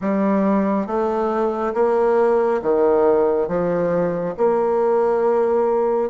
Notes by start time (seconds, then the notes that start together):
0.01 G3
0.87 A3
1.74 A#3
2.62 D#3
3.47 F3
4.37 A#3